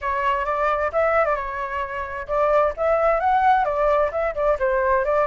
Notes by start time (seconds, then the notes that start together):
0.01 C#5
0.45 D5
0.92 E5
1.25 D5
1.35 C#5
2.27 D5
2.76 E5
3.20 F#5
3.65 D5
4.11 E5
4.34 D5
4.59 C5
5.04 D5